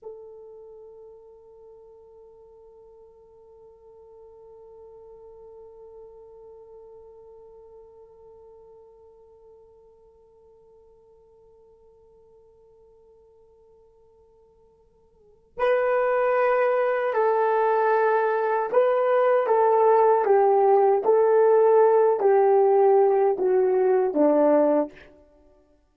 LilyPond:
\new Staff \with { instrumentName = "horn" } { \time 4/4 \tempo 4 = 77 a'1~ | a'1~ | a'1~ | a'1~ |
a'1 | b'2 a'2 | b'4 a'4 g'4 a'4~ | a'8 g'4. fis'4 d'4 | }